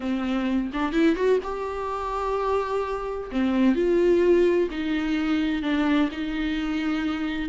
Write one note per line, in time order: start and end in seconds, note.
0.00 0.70 C4
0.73 0.92 D4
0.92 1.15 E4
1.15 1.38 F#4
1.43 3.30 G4
3.31 3.75 C4
3.75 4.68 F4
4.70 5.62 D#4
5.62 6.09 D4
6.11 7.49 D#4